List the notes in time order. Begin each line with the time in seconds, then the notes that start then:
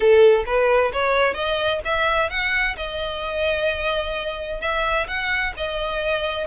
0.00 A4
0.46 B4
0.93 C#5
1.34 D#5
1.84 E5
2.30 F#5
2.76 D#5
4.60 E5
5.07 F#5
5.56 D#5